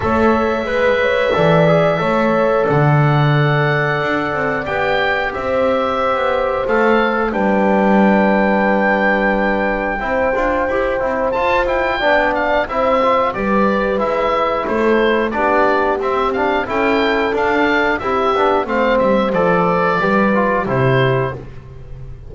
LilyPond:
<<
  \new Staff \with { instrumentName = "oboe" } { \time 4/4 \tempo 4 = 90 e''1 | fis''2. g''4 | e''2 f''4 g''4~ | g''1~ |
g''4 a''8 g''4 f''8 e''4 | d''4 e''4 c''4 d''4 | e''8 f''8 g''4 f''4 e''4 | f''8 e''8 d''2 c''4 | }
  \new Staff \with { instrumentName = "horn" } { \time 4/4 cis''4 b'8 cis''8 d''4 cis''4 | d''1 | c''2. b'4~ | b'2. c''4~ |
c''2 d''4 c''4 | b'2 a'4 g'4~ | g'4 a'2 g'4 | c''2 b'4 g'4 | }
  \new Staff \with { instrumentName = "trombone" } { \time 4/4 a'4 b'4 a'8 gis'8 a'4~ | a'2. g'4~ | g'2 a'4 d'4~ | d'2. e'8 f'8 |
g'8 e'8 f'8 e'8 d'4 e'8 f'8 | g'4 e'2 d'4 | c'8 d'8 e'4 d'4 e'8 d'8 | c'4 a'4 g'8 f'8 e'4 | }
  \new Staff \with { instrumentName = "double bass" } { \time 4/4 a4 gis4 e4 a4 | d2 d'8 c'8 b4 | c'4~ c'16 b8. a4 g4~ | g2. c'8 d'8 |
e'8 c'8 f'4 b4 c'4 | g4 gis4 a4 b4 | c'4 cis'4 d'4 c'8 b8 | a8 g8 f4 g4 c4 | }
>>